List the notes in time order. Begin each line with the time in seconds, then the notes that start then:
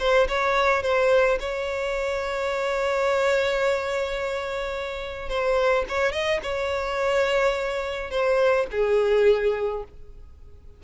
0.00 C5
0.29 C#5
0.83 C5
1.40 C#5
5.30 C5
5.89 C#5
6.13 D#5
6.43 C#5
8.11 C5
8.72 G#4